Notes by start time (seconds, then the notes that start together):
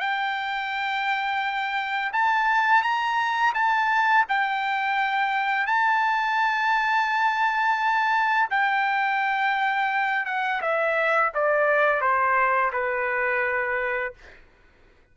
0.00 G5
2.13 A5
2.83 A#5
3.55 A5
4.29 G5
5.67 A5
8.51 G5
10.26 F#5
10.62 E5
11.35 D5
12.01 C5
12.73 B4